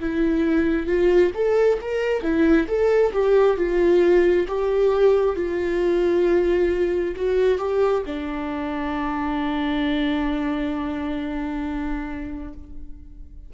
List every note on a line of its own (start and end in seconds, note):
0.00 0.87 E4
0.87 1.31 F4
1.35 1.80 A4
1.82 2.23 A#4
2.23 2.67 E4
2.68 3.13 A4
3.13 3.57 G4
3.57 4.47 F4
4.48 5.36 G4
5.36 7.15 F4
7.16 7.58 F#4
7.58 8.03 G4
8.06 12.54 D4